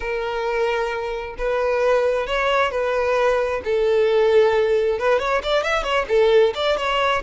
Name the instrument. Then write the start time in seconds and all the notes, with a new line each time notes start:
violin
0.00 A#4
1.38 B4
2.26 C#5
2.71 B4
3.64 A4
4.98 B4
5.19 C#5
5.43 D5
5.63 E5
5.83 C#5
6.08 A4
6.54 D5
6.77 C#5